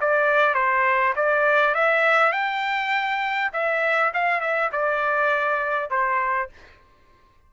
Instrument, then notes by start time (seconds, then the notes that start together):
trumpet
0.00 D5
0.54 C5
1.15 D5
1.74 E5
2.32 G5
3.53 E5
4.13 F5
4.40 E5
4.72 D5
5.90 C5